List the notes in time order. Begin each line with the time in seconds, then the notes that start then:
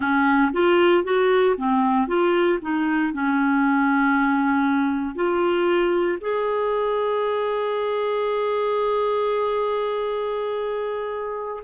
0.00 C#4
0.52 F4
1.03 F#4
1.57 C4
2.07 F4
2.61 D#4
3.13 C#4
5.14 F4
6.20 G#4